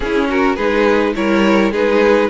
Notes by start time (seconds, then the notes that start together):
0.00 C#4 E4 G#4
0.29 F#4 A#4
0.55 G#3 D#4 G#4 B4
1.15 G3 E4 A#4 C#5
1.71 G#3 D#4 G#4 B4